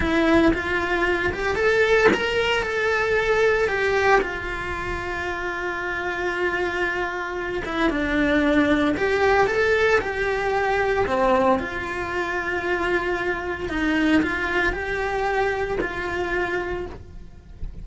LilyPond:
\new Staff \with { instrumentName = "cello" } { \time 4/4 \tempo 4 = 114 e'4 f'4. g'8 a'4 | ais'4 a'2 g'4 | f'1~ | f'2~ f'8 e'8 d'4~ |
d'4 g'4 a'4 g'4~ | g'4 c'4 f'2~ | f'2 dis'4 f'4 | g'2 f'2 | }